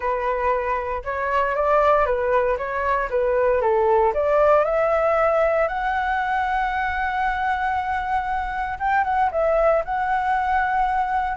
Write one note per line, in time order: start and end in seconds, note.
0.00 1.02 B4
1.04 1.55 C#5
1.55 2.05 D5
2.05 2.57 B4
2.57 3.09 C#5
3.09 3.61 B4
3.61 4.13 A4
4.14 4.65 D5
4.65 5.68 E5
5.68 8.78 F#5
8.79 9.04 G5
9.04 9.30 F#5
9.31 9.83 E5
9.84 11.37 F#5